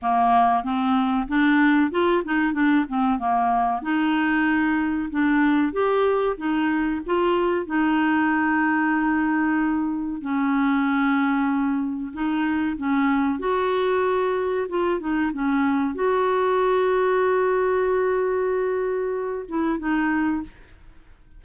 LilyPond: \new Staff \with { instrumentName = "clarinet" } { \time 4/4 \tempo 4 = 94 ais4 c'4 d'4 f'8 dis'8 | d'8 c'8 ais4 dis'2 | d'4 g'4 dis'4 f'4 | dis'1 |
cis'2. dis'4 | cis'4 fis'2 f'8 dis'8 | cis'4 fis'2.~ | fis'2~ fis'8 e'8 dis'4 | }